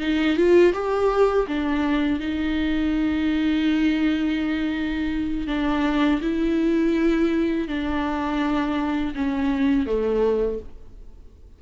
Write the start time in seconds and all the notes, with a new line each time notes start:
0.00 D#4
0.36 F4
0.73 G4
1.47 D4
2.20 D#4
5.47 D4
6.21 E4
7.68 D4
9.15 C#4
9.86 A3